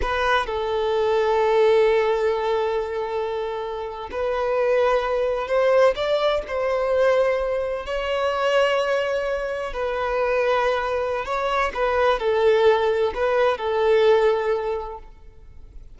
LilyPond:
\new Staff \with { instrumentName = "violin" } { \time 4/4 \tempo 4 = 128 b'4 a'2.~ | a'1~ | a'8. b'2. c''16~ | c''8. d''4 c''2~ c''16~ |
c''8. cis''2.~ cis''16~ | cis''8. b'2.~ b'16 | cis''4 b'4 a'2 | b'4 a'2. | }